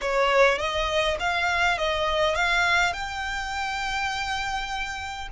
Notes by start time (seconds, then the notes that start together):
0.01 C#5
0.58 D#5
1.19 F5
1.78 D#5
2.35 F5
2.93 G5